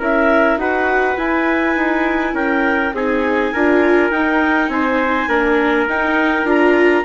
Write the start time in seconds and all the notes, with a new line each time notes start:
0.00 C#4 E4 A#4 E5
0.56 D#4 F#4 B4 F#5
1.17 E4 G#5
1.76 D#4
2.34 C#4 A#4 G5
2.94 C4 D#4 G#4 G#5
3.53 D4 F4 A#4
4.11 D#4 G5
4.69 C4 C5 G#5
5.28 A#3 D4 A#4
5.87 D#4 G5
6.44 D4 F4 A#5